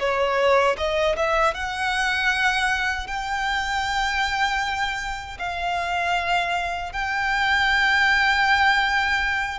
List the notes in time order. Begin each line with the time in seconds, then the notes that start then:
0.00 C#5
0.78 D#5
1.16 E5
1.55 F#5
3.08 G5
5.39 F5
6.93 G5